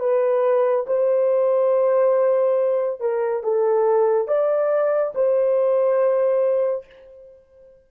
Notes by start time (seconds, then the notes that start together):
0.00 B4
0.87 C5
3.01 A#4
3.44 A4
4.28 D5
5.15 C5